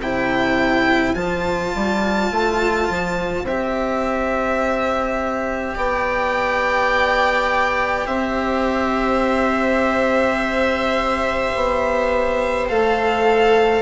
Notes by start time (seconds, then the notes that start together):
0.00 C3 E4 C5 G5
1.14 F3 F4 A5
1.75 G3
2.31 A3
2.89 F3
3.44 C4 G4 E5
5.75 B3 D5 G5
8.06 C4 C5 E5
11.55 B3
12.68 A3 A4 F5